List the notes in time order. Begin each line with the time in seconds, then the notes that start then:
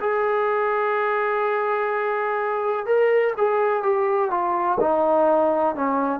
0.00 G#4
2.86 A#4
3.37 G#4
3.83 G4
4.30 F4
4.80 D#4
5.75 C#4